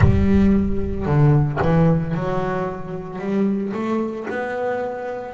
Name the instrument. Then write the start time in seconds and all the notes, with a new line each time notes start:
double bass
0.00 G3
1.05 D3
1.61 E3
2.14 F#3
3.19 G3
3.73 A3
4.29 B3